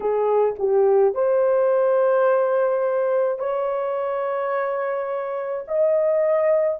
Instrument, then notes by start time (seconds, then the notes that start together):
horn
0.00 G#4
0.58 G4
1.14 C5
3.38 C#5
5.67 D#5